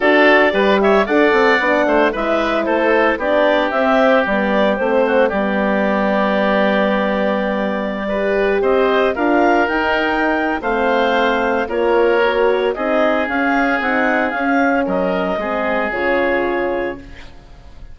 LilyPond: <<
  \new Staff \with { instrumentName = "clarinet" } { \time 4/4 \tempo 4 = 113 d''4. e''8 fis''2 | e''4 c''4 d''4 e''4 | d''4 c''4 d''2~ | d''1~ |
d''16 dis''4 f''4 g''4.~ g''16 | f''2 cis''2 | dis''4 f''4 fis''4 f''4 | dis''2 cis''2 | }
  \new Staff \with { instrumentName = "oboe" } { \time 4/4 a'4 b'8 cis''8 d''4. c''8 | b'4 a'4 g'2~ | g'4. fis'8 g'2~ | g'2.~ g'16 b'8.~ |
b'16 c''4 ais'2~ ais'8. | c''2 ais'2 | gis'1 | ais'4 gis'2. | }
  \new Staff \with { instrumentName = "horn" } { \time 4/4 fis'4 g'4 a'4 d'4 | e'2 d'4 c'4 | b4 c'4 b2~ | b2.~ b16 g'8.~ |
g'4~ g'16 f'4 dis'4.~ dis'16 | c'2 f'4 fis'4 | dis'4 cis'4 dis'4 cis'4~ | cis'4 c'4 f'2 | }
  \new Staff \with { instrumentName = "bassoon" } { \time 4/4 d'4 g4 d'8 c'8 b8 a8 | gis4 a4 b4 c'4 | g4 a4 g2~ | g1~ |
g16 c'4 d'4 dis'4.~ dis'16 | a2 ais2 | c'4 cis'4 c'4 cis'4 | fis4 gis4 cis2 | }
>>